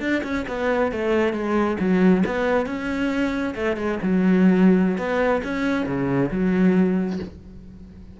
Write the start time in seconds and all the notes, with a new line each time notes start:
0.00 D4
0.23 C#4
0.48 B3
0.92 A3
1.33 G#3
1.79 F#3
2.26 B3
2.66 C#4
3.55 A3
3.76 G#3
4.02 F#3
4.97 B3
5.43 C#4
5.86 C#3
6.31 F#3